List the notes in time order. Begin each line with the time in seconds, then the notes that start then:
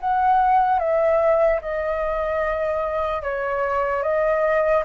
0.00 F#5
0.79 E5
1.61 D#5
3.22 C#5
4.02 D#5